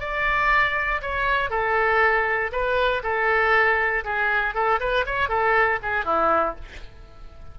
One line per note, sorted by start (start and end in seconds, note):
0.00 1.01 D5
1.01 1.50 C#5
1.50 2.51 A4
2.52 3.03 B4
3.03 4.04 A4
4.04 4.54 G#4
4.54 4.79 A4
4.80 5.05 B4
5.06 5.29 C#5
5.29 5.79 A4
5.82 6.05 G#4
6.05 6.55 E4